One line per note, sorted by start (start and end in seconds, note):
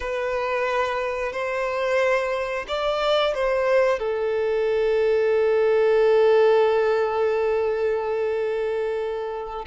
0.00 1.32 B4
1.32 2.65 C5
2.68 3.34 D5
3.34 3.98 C5
3.98 9.65 A4